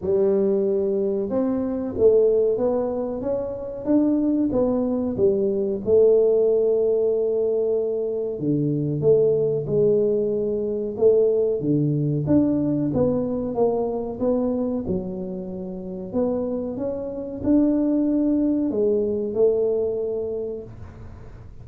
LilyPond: \new Staff \with { instrumentName = "tuba" } { \time 4/4 \tempo 4 = 93 g2 c'4 a4 | b4 cis'4 d'4 b4 | g4 a2.~ | a4 d4 a4 gis4~ |
gis4 a4 d4 d'4 | b4 ais4 b4 fis4~ | fis4 b4 cis'4 d'4~ | d'4 gis4 a2 | }